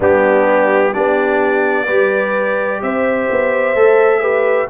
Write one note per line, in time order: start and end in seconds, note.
0.00 0.93 G3
0.00 0.92 B3
0.00 0.92 D4
0.00 0.93 G4
0.92 1.88 B3
0.92 1.86 D4
0.92 1.85 G4
0.92 2.81 D5
1.85 2.81 G3
1.85 3.74 G4
1.85 2.79 B4
2.81 3.28 C4
2.81 4.21 C5
2.81 4.69 E5
3.30 3.74 B3
3.74 4.68 A3
3.74 4.21 A4
4.21 4.67 G4
4.21 4.67 B4